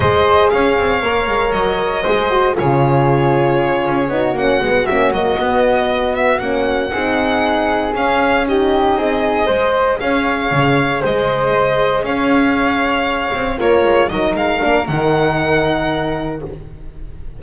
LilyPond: <<
  \new Staff \with { instrumentName = "violin" } { \time 4/4 \tempo 4 = 117 dis''4 f''2 dis''4~ | dis''4 cis''2.~ | cis''8 fis''4 e''8 dis''2 | e''8 fis''2. f''8~ |
f''8 dis''2. f''8~ | f''4. dis''2 f''8~ | f''2~ f''8 cis''4 dis''8 | f''4 fis''2. | }
  \new Staff \with { instrumentName = "flute" } { \time 4/4 c''4 cis''2. | c''4 gis'2. | fis'1~ | fis'4. gis'2~ gis'8~ |
gis'8 g'4 gis'4 c''4 cis''8~ | cis''4. c''2 cis''8~ | cis''2~ cis''8 f'4 ais'8~ | ais'1 | }
  \new Staff \with { instrumentName = "horn" } { \time 4/4 gis'2 ais'2 | gis'8 fis'8 f'2. | dis'8 cis'8 b8 cis'8 ais8 b4.~ | b8 cis'4 dis'2 cis'8~ |
cis'8 dis'2 gis'4.~ | gis'1~ | gis'2~ gis'8 ais'4 dis'8~ | dis'8 d'8 dis'2. | }
  \new Staff \with { instrumentName = "double bass" } { \time 4/4 gis4 cis'8 c'8 ais8 gis8 fis4 | gis4 cis2~ cis8 cis'8 | b8 ais8 gis8 ais8 fis8 b4.~ | b8 ais4 c'2 cis'8~ |
cis'4. c'4 gis4 cis'8~ | cis'8 cis4 gis2 cis'8~ | cis'2 c'8 ais8 gis8 fis8 | gis8 ais8 dis2. | }
>>